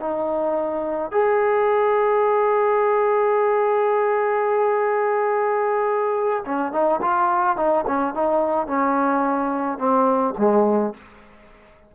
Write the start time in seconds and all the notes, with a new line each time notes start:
0.00 D#4
1.12 G#4
6.46 C#4
6.73 D#4
7.02 F4
7.57 D#4
7.87 C#4
8.14 D#4
8.68 C#4
9.79 C4
10.38 G#3